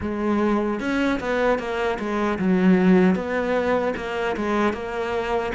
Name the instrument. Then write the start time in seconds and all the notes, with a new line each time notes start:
cello
0.00 G#3
0.80 C#4
1.20 B3
1.58 A#3
1.99 G#3
2.38 F#3
3.15 B3
3.96 A#3
4.36 G#3
4.73 A#3